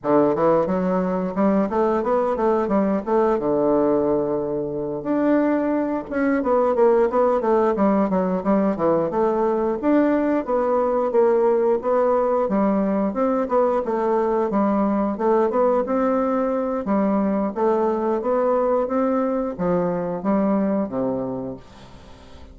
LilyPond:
\new Staff \with { instrumentName = "bassoon" } { \time 4/4 \tempo 4 = 89 d8 e8 fis4 g8 a8 b8 a8 | g8 a8 d2~ d8 d'8~ | d'4 cis'8 b8 ais8 b8 a8 g8 | fis8 g8 e8 a4 d'4 b8~ |
b8 ais4 b4 g4 c'8 | b8 a4 g4 a8 b8 c'8~ | c'4 g4 a4 b4 | c'4 f4 g4 c4 | }